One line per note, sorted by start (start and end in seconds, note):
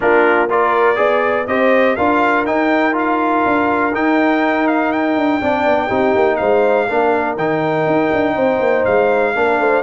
0.00 0.98 A#3
0.00 0.48 D4
0.00 0.50 F4
0.00 0.50 A#4
0.50 0.95 F4
0.50 0.97 A#4
0.50 1.47 D5
0.95 1.47 B3
0.95 1.45 G#4
0.95 1.46 D5
1.47 1.96 C4
1.47 1.97 G4
1.47 1.97 C5
1.47 1.96 D#5
1.96 2.46 D4
1.96 2.46 F4
1.96 5.41 A#4
1.96 2.45 F5
2.45 3.44 D#4
2.45 2.92 D#4
2.45 2.95 G5
2.92 3.91 F4
2.92 3.94 F5
3.45 3.93 D4
3.93 5.16 D#4
3.93 5.41 D#4
3.93 4.67 G5
4.67 4.91 F5
4.92 6.36 G5
5.16 5.40 D4
5.41 5.65 C4
5.41 5.89 D4
5.41 5.87 D5
5.65 5.89 B3
5.87 6.14 C4
5.87 6.88 D#4
5.87 6.36 G4
6.15 6.39 A#3
6.36 6.89 G#3
6.36 6.88 C5
6.36 7.34 F5
6.88 7.36 A#3
6.88 7.37 D4
6.88 8.35 A#4
7.36 7.85 D#3
7.36 9.35 D#4
7.36 8.85 G5
7.86 8.11 D#4
8.12 8.36 D4
8.35 8.59 C4
8.35 9.33 C5
8.59 8.84 A#3
8.85 9.35 G#3
8.85 9.82 F5
9.35 9.59 A#3
9.35 9.82 D4
9.35 9.59 A#4
9.59 9.82 A3
9.59 9.82 C5